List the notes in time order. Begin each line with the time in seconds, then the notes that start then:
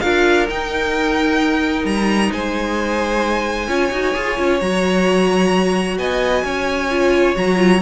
0.00 D4 F4 A#4 F5
0.49 D#4 G5
1.84 G3 A#5
2.32 G#3 C5 G#5
3.67 C#4 F4 C#5
3.91 D#4 F#4
4.14 F4 G#4
4.37 C#4 F4
4.60 F#3 F#4 A#5
5.98 B3 D#5 G#5
6.44 C#4 C#5
6.90 F4
7.35 F#3 F#4 A#5
7.56 F4